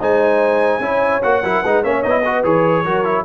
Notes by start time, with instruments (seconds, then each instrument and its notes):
0.00 tuba G#3, trombone D#4, horn C5, trumpet G#5
0.80 tuba C#4, trombone E4, horn C#5
1.23 tuba A#3, trombone F#4, trumpet F#5
1.44 tuba F#3, trombone E4, horn A#4
1.63 tuba G#3, trombone D#4, horn B4
1.83 tuba A#3, trombone C#4, horn C#5, trumpet E5
2.03 tuba B3, trombone D#4, trumpet D#5
2.10 trombone E4
2.25 trombone F#4, horn B4
2.44 tuba E3, trombone G#4, trumpet C#5
2.84 tuba F#3, trombone F#4, horn A#4
3.05 trombone E4